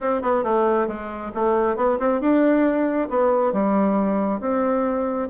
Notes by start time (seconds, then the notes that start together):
0.00 C4
0.21 B3
0.43 A3
0.87 G#3
1.34 A3
1.76 B3
1.99 C4
2.20 D4
3.09 B3
3.53 G3
4.40 C4